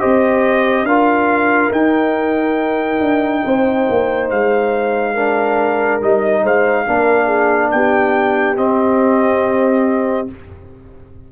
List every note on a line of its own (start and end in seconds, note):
0.00 0.83 C4
0.00 0.86 G4
0.00 0.86 C5
0.00 0.86 D#5
0.83 1.69 D4
0.83 1.74 F4
0.83 3.44 A#4
0.83 1.72 F5
1.71 3.00 D#4
1.71 5.17 D#4
1.71 4.30 G5
3.01 3.43 D4
3.45 3.89 C4
3.45 5.14 C5
3.90 4.31 A#3
4.30 6.02 G#3
4.30 6.02 F5
5.14 6.01 D4
5.14 6.43 A#4
6.01 6.44 G3
6.01 6.87 D#4
6.01 6.46 D#5
6.43 6.87 G#3
6.43 6.86 C5
6.43 7.72 F5
6.87 7.73 A#3
6.87 8.56 D4
6.87 7.26 A#4
7.26 7.69 G#4
7.72 8.58 B3
7.72 10.32 G4
7.72 8.57 G5
8.56 10.28 C4
8.56 10.29 C4
8.56 10.29 D#5